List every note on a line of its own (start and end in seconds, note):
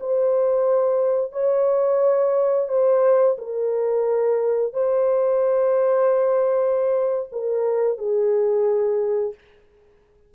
0.00 1.32 C5
1.32 2.69 C#5
2.69 3.37 C5
3.38 4.74 A#4
4.74 7.29 C5
7.32 7.98 A#4
7.98 9.34 G#4